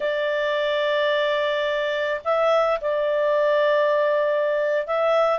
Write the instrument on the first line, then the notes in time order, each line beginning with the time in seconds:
clarinet
0.00 D5
2.24 E5
2.80 D5
4.86 E5